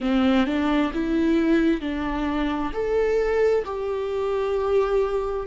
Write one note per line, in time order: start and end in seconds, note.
0.00 0.46 C4
0.46 0.91 D4
0.93 1.81 E4
1.81 2.71 D4
2.73 3.64 A4
3.64 5.46 G4